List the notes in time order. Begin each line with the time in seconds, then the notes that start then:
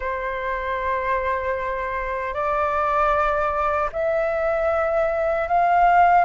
0.00 C5
2.33 D5
3.92 E5
5.48 F5